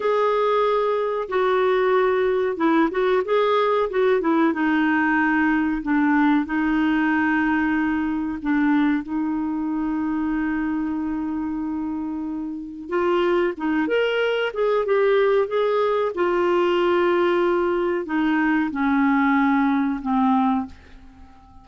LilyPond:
\new Staff \with { instrumentName = "clarinet" } { \time 4/4 \tempo 4 = 93 gis'2 fis'2 | e'8 fis'8 gis'4 fis'8 e'8 dis'4~ | dis'4 d'4 dis'2~ | dis'4 d'4 dis'2~ |
dis'1 | f'4 dis'8 ais'4 gis'8 g'4 | gis'4 f'2. | dis'4 cis'2 c'4 | }